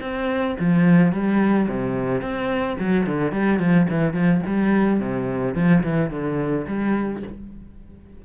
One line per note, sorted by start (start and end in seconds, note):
0.00 0.56 C4
0.59 1.12 F3
1.12 1.68 G3
1.68 2.21 C3
2.21 2.77 C4
2.79 3.06 F#3
3.06 3.32 D3
3.32 3.59 G3
3.59 3.87 F3
3.90 4.13 E3
4.13 4.41 F3
4.46 5.00 G3
5.00 5.55 C3
5.55 5.83 F3
5.83 6.10 E3
6.10 6.66 D3
6.67 7.23 G3